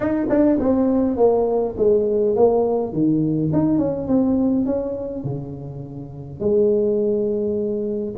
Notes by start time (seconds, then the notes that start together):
0.00 D#4
0.29 D4
0.59 C4
1.17 A#3
1.77 G#3
2.36 A#3
2.93 D#3
3.52 D#4
3.78 C#4
4.07 C4
4.65 C#4
5.23 C#3
6.39 G#3